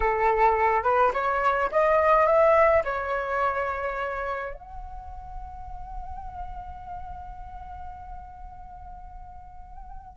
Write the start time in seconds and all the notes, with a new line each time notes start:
0.00 A4
0.83 B4
1.13 C#5
1.71 D#5
2.26 E5
2.84 C#5
4.54 F#5